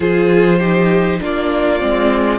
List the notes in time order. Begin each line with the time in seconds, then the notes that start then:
0.00 F3 F4 G#4 C5
0.58 D#4 G4
1.20 A#3 D4 F4 D5
1.79 G#3 C4